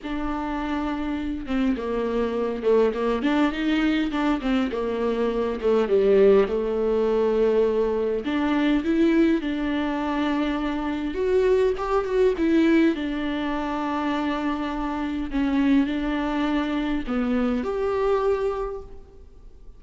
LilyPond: \new Staff \with { instrumentName = "viola" } { \time 4/4 \tempo 4 = 102 d'2~ d'8 c'8 ais4~ | ais8 a8 ais8 d'8 dis'4 d'8 c'8 | ais4. a8 g4 a4~ | a2 d'4 e'4 |
d'2. fis'4 | g'8 fis'8 e'4 d'2~ | d'2 cis'4 d'4~ | d'4 b4 g'2 | }